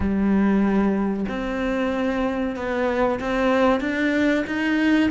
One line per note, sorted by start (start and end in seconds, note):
0.00 1.25 G3
1.28 2.55 C4
2.55 3.19 B3
3.19 3.80 C4
3.80 4.44 D4
4.46 5.10 D#4